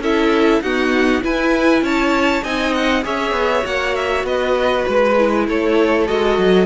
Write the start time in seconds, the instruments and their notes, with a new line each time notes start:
0.00 cello C#4, viola E4, violin A4 E5
0.61 viola B3, cello D#4, violin F#4 F#5
1.22 viola E4, cello E4, violin B4 G#5
1.82 cello C#4, violin C#5 A5
2.43 cello C4, viola D#4, violin D#5 G#5
2.74 violin F#5
3.03 cello C#4, viola G#4, violin C#5 E5
3.32 cello B3
3.63 cello A#3, viola F#4, violin F#5
3.96 violin E5
4.24 cello B3, violin B4 D#5
4.85 cello G#3, violin B4
5.18 viola E4
5.48 cello A3, violin A4 C#5
6.07 cello G#3, viola F#4, violin D#5
6.39 cello F#3